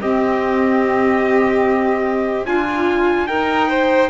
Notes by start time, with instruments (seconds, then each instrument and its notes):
0.00 double bass C4, clarinet C4, violin G4, trumpet D#5
2.45 double bass D4, clarinet F4, violin F4, trumpet G#5
3.27 clarinet D#4, double bass D#4, violin A#4, trumpet G5
3.68 violin C5